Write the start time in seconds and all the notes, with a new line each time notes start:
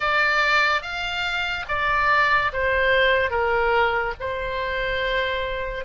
0.00 D5
0.81 F5
1.68 D5
2.52 C5
3.30 A#4
4.20 C5